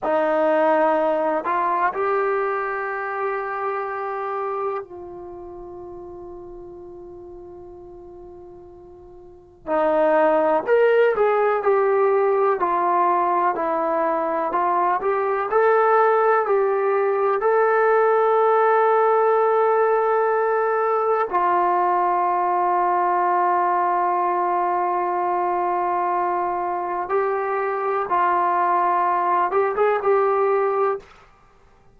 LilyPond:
\new Staff \with { instrumentName = "trombone" } { \time 4/4 \tempo 4 = 62 dis'4. f'8 g'2~ | g'4 f'2.~ | f'2 dis'4 ais'8 gis'8 | g'4 f'4 e'4 f'8 g'8 |
a'4 g'4 a'2~ | a'2 f'2~ | f'1 | g'4 f'4. g'16 gis'16 g'4 | }